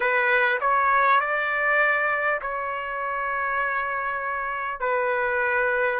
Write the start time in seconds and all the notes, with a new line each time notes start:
0.00 B4
0.60 C#5
1.20 D5
2.41 C#5
4.79 B4